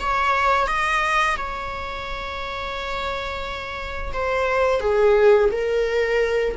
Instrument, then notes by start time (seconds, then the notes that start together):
viola
0.00 C#5
0.68 D#5
1.37 C#5
4.13 C5
4.81 G#4
5.52 A#4